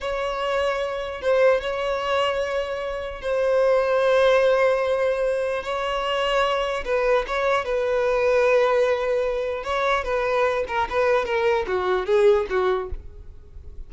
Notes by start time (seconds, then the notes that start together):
0.00 C#5
1.21 C5
1.60 C#5
3.21 C5
5.63 C#5
6.84 B4
7.27 C#5
7.65 B4
9.63 C#5
10.04 B4
10.67 A#4
10.89 B4
11.25 A#4
11.67 F#4
12.06 G#4
12.49 F#4